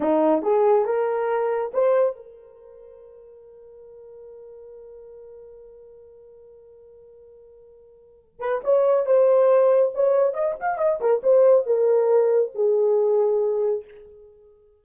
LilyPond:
\new Staff \with { instrumentName = "horn" } { \time 4/4 \tempo 4 = 139 dis'4 gis'4 ais'2 | c''4 ais'2.~ | ais'1~ | ais'1~ |
ais'2.~ ais'8 b'8 | cis''4 c''2 cis''4 | dis''8 f''8 dis''8 ais'8 c''4 ais'4~ | ais'4 gis'2. | }